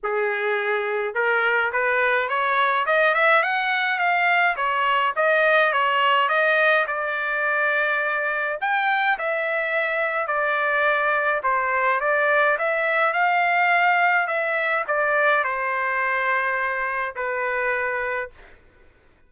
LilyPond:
\new Staff \with { instrumentName = "trumpet" } { \time 4/4 \tempo 4 = 105 gis'2 ais'4 b'4 | cis''4 dis''8 e''8 fis''4 f''4 | cis''4 dis''4 cis''4 dis''4 | d''2. g''4 |
e''2 d''2 | c''4 d''4 e''4 f''4~ | f''4 e''4 d''4 c''4~ | c''2 b'2 | }